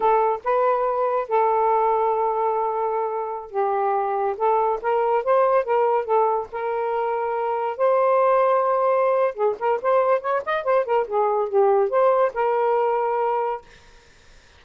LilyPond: \new Staff \with { instrumentName = "saxophone" } { \time 4/4 \tempo 4 = 141 a'4 b'2 a'4~ | a'1~ | a'16 g'2 a'4 ais'8.~ | ais'16 c''4 ais'4 a'4 ais'8.~ |
ais'2~ ais'16 c''4.~ c''16~ | c''2 gis'8 ais'8 c''4 | cis''8 dis''8 c''8 ais'8 gis'4 g'4 | c''4 ais'2. | }